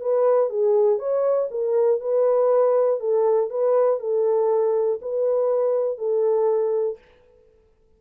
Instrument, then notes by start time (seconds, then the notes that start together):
horn
0.00 B4
0.49 G#4
0.98 C#5
1.50 A#4
2.00 B4
3.00 A4
3.50 B4
3.99 A4
5.01 B4
5.98 A4